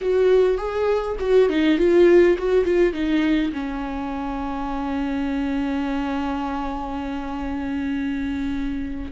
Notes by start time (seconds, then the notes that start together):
0.01 F#4
0.57 G#4
1.19 F#4
1.49 D#4
1.78 F4
2.38 F#4
2.64 F4
2.93 D#4
3.52 C#4